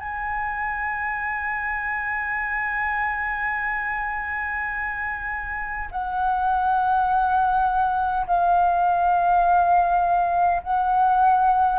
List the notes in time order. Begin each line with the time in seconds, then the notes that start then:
0.00 G#5
5.91 F#5
8.27 F5
10.63 F#5